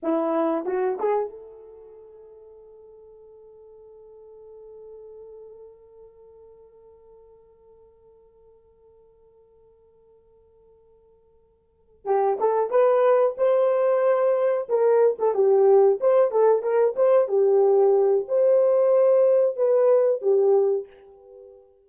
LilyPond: \new Staff \with { instrumentName = "horn" } { \time 4/4 \tempo 4 = 92 e'4 fis'8 gis'8 a'2~ | a'1~ | a'1~ | a'1~ |
a'2~ a'8 g'8 a'8 b'8~ | b'8 c''2 ais'8. a'16 g'8~ | g'8 c''8 a'8 ais'8 c''8 g'4. | c''2 b'4 g'4 | }